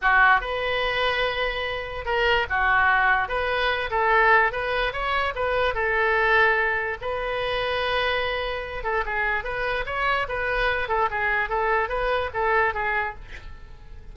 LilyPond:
\new Staff \with { instrumentName = "oboe" } { \time 4/4 \tempo 4 = 146 fis'4 b'2.~ | b'4 ais'4 fis'2 | b'4. a'4. b'4 | cis''4 b'4 a'2~ |
a'4 b'2.~ | b'4. a'8 gis'4 b'4 | cis''4 b'4. a'8 gis'4 | a'4 b'4 a'4 gis'4 | }